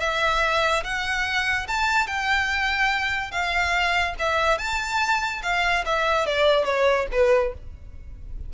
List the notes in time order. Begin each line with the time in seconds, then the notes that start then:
0.00 E5
0.84 F#5
1.68 A5
2.07 G5
3.31 F5
4.19 E5
4.58 A5
5.43 F5
5.85 E5
6.26 D5
6.65 C#5
7.12 B4